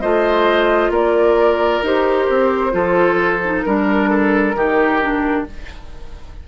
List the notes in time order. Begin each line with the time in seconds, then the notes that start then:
0.00 A3 F4 C5 D#5
0.90 A#3 A#4 D5
1.82 D#4 G4 C5
2.29 C4
2.71 F3 F4 A4
3.45 D#4
3.61 G3 D4 A#4
4.09 A4
4.54 D#3 D#4 G4
5.01 D4